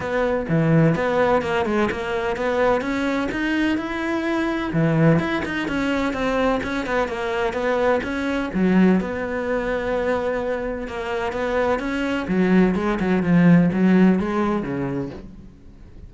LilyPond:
\new Staff \with { instrumentName = "cello" } { \time 4/4 \tempo 4 = 127 b4 e4 b4 ais8 gis8 | ais4 b4 cis'4 dis'4 | e'2 e4 e'8 dis'8 | cis'4 c'4 cis'8 b8 ais4 |
b4 cis'4 fis4 b4~ | b2. ais4 | b4 cis'4 fis4 gis8 fis8 | f4 fis4 gis4 cis4 | }